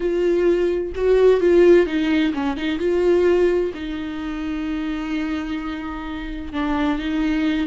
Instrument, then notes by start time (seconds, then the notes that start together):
viola
0.00 F4
0.95 F#4
1.40 F4
1.86 D#4
2.33 C#4
2.56 D#4
2.79 F4
3.74 D#4
6.52 D4
6.98 D#4